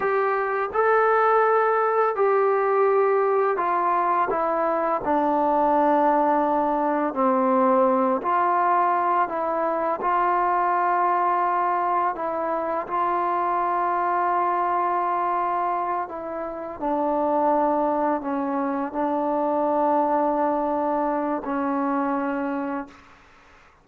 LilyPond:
\new Staff \with { instrumentName = "trombone" } { \time 4/4 \tempo 4 = 84 g'4 a'2 g'4~ | g'4 f'4 e'4 d'4~ | d'2 c'4. f'8~ | f'4 e'4 f'2~ |
f'4 e'4 f'2~ | f'2~ f'8 e'4 d'8~ | d'4. cis'4 d'4.~ | d'2 cis'2 | }